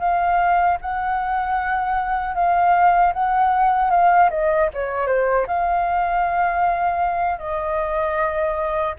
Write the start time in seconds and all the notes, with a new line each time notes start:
0.00 F5
0.82 F#5
2.35 F5
3.14 F#5
3.91 F5
4.31 D#5
4.74 C#5
5.07 C5
5.48 F5
7.39 D#5